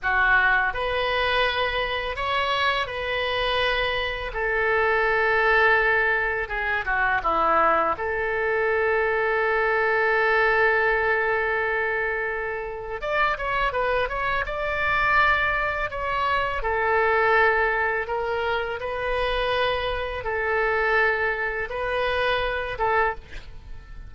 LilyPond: \new Staff \with { instrumentName = "oboe" } { \time 4/4 \tempo 4 = 83 fis'4 b'2 cis''4 | b'2 a'2~ | a'4 gis'8 fis'8 e'4 a'4~ | a'1~ |
a'2 d''8 cis''8 b'8 cis''8 | d''2 cis''4 a'4~ | a'4 ais'4 b'2 | a'2 b'4. a'8 | }